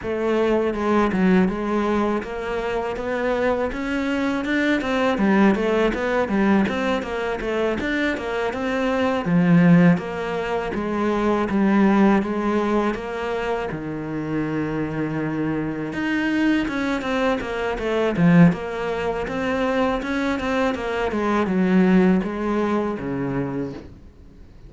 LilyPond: \new Staff \with { instrumentName = "cello" } { \time 4/4 \tempo 4 = 81 a4 gis8 fis8 gis4 ais4 | b4 cis'4 d'8 c'8 g8 a8 | b8 g8 c'8 ais8 a8 d'8 ais8 c'8~ | c'8 f4 ais4 gis4 g8~ |
g8 gis4 ais4 dis4.~ | dis4. dis'4 cis'8 c'8 ais8 | a8 f8 ais4 c'4 cis'8 c'8 | ais8 gis8 fis4 gis4 cis4 | }